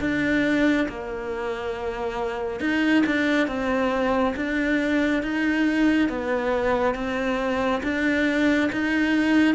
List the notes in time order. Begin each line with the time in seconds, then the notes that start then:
0.00 D4
0.89 A#3
2.60 D#4
3.06 D4
3.47 C4
4.36 D4
5.23 D#4
6.09 B3
6.94 C4
7.83 D4
8.72 D#4